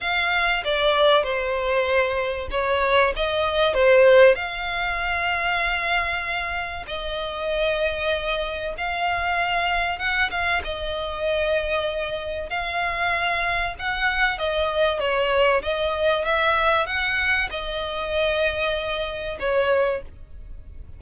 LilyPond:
\new Staff \with { instrumentName = "violin" } { \time 4/4 \tempo 4 = 96 f''4 d''4 c''2 | cis''4 dis''4 c''4 f''4~ | f''2. dis''4~ | dis''2 f''2 |
fis''8 f''8 dis''2. | f''2 fis''4 dis''4 | cis''4 dis''4 e''4 fis''4 | dis''2. cis''4 | }